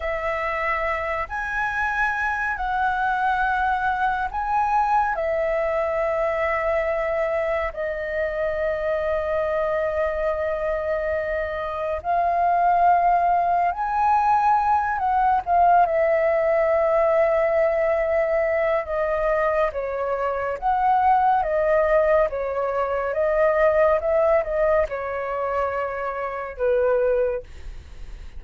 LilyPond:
\new Staff \with { instrumentName = "flute" } { \time 4/4 \tempo 4 = 70 e''4. gis''4. fis''4~ | fis''4 gis''4 e''2~ | e''4 dis''2.~ | dis''2 f''2 |
gis''4. fis''8 f''8 e''4.~ | e''2 dis''4 cis''4 | fis''4 dis''4 cis''4 dis''4 | e''8 dis''8 cis''2 b'4 | }